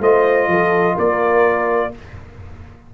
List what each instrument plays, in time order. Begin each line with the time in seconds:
0.00 tuba A3, trombone F4, horn C5, trumpet D#5
0.47 tuba F3, horn A4
0.94 tuba A#3, horn A#4, trumpet D5